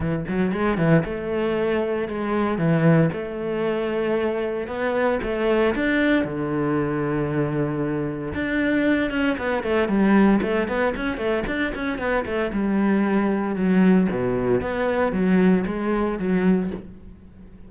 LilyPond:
\new Staff \with { instrumentName = "cello" } { \time 4/4 \tempo 4 = 115 e8 fis8 gis8 e8 a2 | gis4 e4 a2~ | a4 b4 a4 d'4 | d1 |
d'4. cis'8 b8 a8 g4 | a8 b8 cis'8 a8 d'8 cis'8 b8 a8 | g2 fis4 b,4 | b4 fis4 gis4 fis4 | }